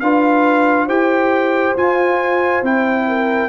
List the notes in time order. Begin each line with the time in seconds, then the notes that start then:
0.00 D4 F4 B4 F5
0.87 E4 G4 C5 G5
1.77 F4 G#5
2.62 C4 E4 G5
3.08 A#4